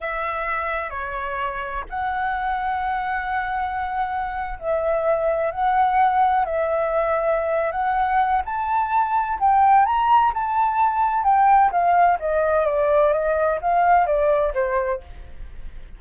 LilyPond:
\new Staff \with { instrumentName = "flute" } { \time 4/4 \tempo 4 = 128 e''2 cis''2 | fis''1~ | fis''4.~ fis''16 e''2 fis''16~ | fis''4.~ fis''16 e''2~ e''16~ |
e''8 fis''4. a''2 | g''4 ais''4 a''2 | g''4 f''4 dis''4 d''4 | dis''4 f''4 d''4 c''4 | }